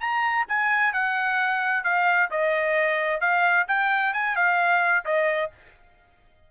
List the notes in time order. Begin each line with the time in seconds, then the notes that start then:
0.00 A#5
0.48 G#5
0.93 F#5
1.84 F5
2.30 D#5
3.20 F5
3.68 G5
4.13 G#5
4.36 F5
5.05 D#5